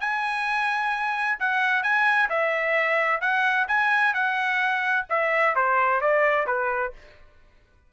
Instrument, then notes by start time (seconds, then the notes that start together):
trumpet
0.00 G#5
1.40 F#5
1.83 G#5
2.30 E5
3.21 F#5
3.68 G#5
4.14 F#5
5.10 E5
5.56 C5
6.01 D5
6.47 B4